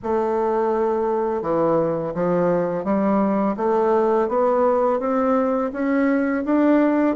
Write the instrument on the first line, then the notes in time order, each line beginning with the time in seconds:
bassoon
0.03 A3
1.42 E3
2.14 F3
2.84 G3
3.56 A3
4.28 B3
4.99 C4
5.72 C#4
6.44 D4